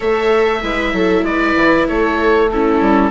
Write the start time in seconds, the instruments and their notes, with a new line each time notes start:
0.00 bassoon A3, viola A4 C#5, oboe E5
0.62 bassoon G#3, viola E4 B4
0.93 bassoon F#3, viola A4
1.22 bassoon G#3, viola B4, oboe D5
1.56 bassoon E3
1.88 bassoon A3, viola A4, oboe C#5
2.50 viola C#4 E4, oboe A4
2.80 bassoon G3